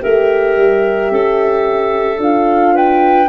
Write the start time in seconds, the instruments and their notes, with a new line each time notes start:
0.00 tuba A3, horn G4, clarinet A#4, flute E5
0.57 tuba G3
1.11 tuba C#4, clarinet A4
2.18 tuba D4, horn F4, flute F5
2.74 clarinet B4, flute G5